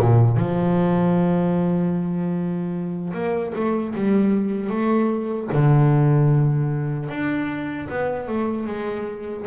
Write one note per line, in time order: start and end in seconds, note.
0.00 0.37 A#2
0.37 3.13 F3
3.14 3.53 A#3
3.55 3.95 A3
3.96 4.70 G3
4.70 5.49 A3
5.53 7.09 D3
7.09 7.88 D4
7.90 8.28 B3
8.28 8.67 A3
8.67 9.46 G#3